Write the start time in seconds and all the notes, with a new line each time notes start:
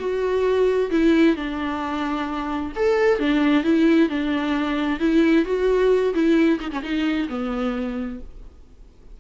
0.00 F#4
0.91 E4
1.37 D4
2.76 A4
3.20 D4
3.64 E4
4.10 D4
5.00 E4
5.46 F#4
6.14 E4
6.60 D#4
6.72 C#4
6.83 D#4
7.30 B3